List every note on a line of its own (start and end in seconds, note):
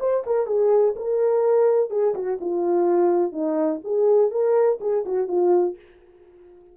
0.00 0.24 C5
0.26 0.47 A#4
0.47 0.95 G#4
0.96 1.90 A#4
1.90 2.14 G#4
2.15 2.39 F#4
2.41 3.33 F4
3.33 3.81 D#4
3.84 4.31 G#4
4.31 4.79 A#4
4.81 5.05 G#4
5.06 5.28 F#4
5.28 5.76 F4